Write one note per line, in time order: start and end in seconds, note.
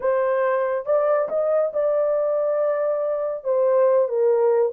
0.00 0.85 C5
0.85 1.28 D5
1.29 1.71 D#5
1.73 3.44 D5
3.44 4.08 C5
4.08 4.72 A#4